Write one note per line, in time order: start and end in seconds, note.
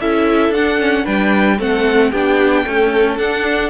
0.00 0.49 C#4
0.00 0.54 E4
0.00 1.04 A4
0.00 0.53 E5
0.49 1.03 D4
0.49 1.06 F#5
0.56 0.79 D4
0.79 1.04 C#4
1.04 1.59 G3
1.04 1.57 D4
1.04 1.58 B4
1.04 1.59 G5
1.59 2.12 A3
1.59 2.12 C4
1.59 2.11 A4
1.59 2.11 F#5
2.11 2.65 B3
2.11 2.65 D4
2.11 2.64 G4
2.11 3.17 G5
2.65 3.18 A3
2.65 3.18 C#4
2.65 3.70 A4
3.18 3.70 D4
3.18 3.70 F#5